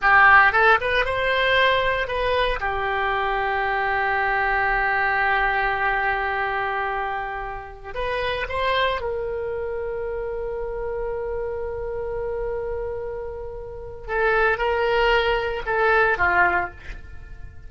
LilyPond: \new Staff \with { instrumentName = "oboe" } { \time 4/4 \tempo 4 = 115 g'4 a'8 b'8 c''2 | b'4 g'2.~ | g'1~ | g'2.~ g'16 b'8.~ |
b'16 c''4 ais'2~ ais'8.~ | ais'1~ | ais'2. a'4 | ais'2 a'4 f'4 | }